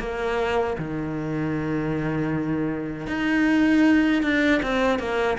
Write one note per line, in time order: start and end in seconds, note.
0.00 0.77 A#3
0.79 3.08 D#3
3.08 4.23 D#4
4.23 4.62 D4
4.63 4.99 C4
4.99 5.38 A#3